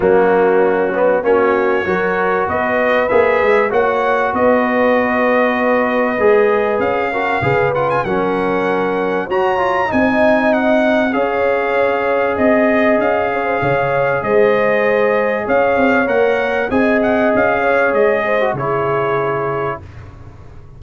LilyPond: <<
  \new Staff \with { instrumentName = "trumpet" } { \time 4/4 \tempo 4 = 97 fis'2 cis''2 | dis''4 e''4 fis''4 dis''4~ | dis''2. f''4~ | f''8 fis''16 gis''16 fis''2 ais''4 |
gis''4 fis''4 f''2 | dis''4 f''2 dis''4~ | dis''4 f''4 fis''4 gis''8 fis''8 | f''4 dis''4 cis''2 | }
  \new Staff \with { instrumentName = "horn" } { \time 4/4 cis'2 fis'4 ais'4 | b'2 cis''4 b'4~ | b'2.~ b'8 ais'8 | b'4 ais'2 cis''4 |
dis''2 cis''2 | dis''4. cis''16 c''16 cis''4 c''4~ | c''4 cis''2 dis''4~ | dis''8 cis''4 c''8 gis'2 | }
  \new Staff \with { instrumentName = "trombone" } { \time 4/4 ais4. b8 cis'4 fis'4~ | fis'4 gis'4 fis'2~ | fis'2 gis'4. fis'8 | gis'8 f'8 cis'2 fis'8 f'8 |
dis'2 gis'2~ | gis'1~ | gis'2 ais'4 gis'4~ | gis'4.~ gis'16 fis'16 e'2 | }
  \new Staff \with { instrumentName = "tuba" } { \time 4/4 fis2 ais4 fis4 | b4 ais8 gis8 ais4 b4~ | b2 gis4 cis'4 | cis4 fis2 fis'4 |
c'2 cis'2 | c'4 cis'4 cis4 gis4~ | gis4 cis'8 c'8 ais4 c'4 | cis'4 gis4 cis2 | }
>>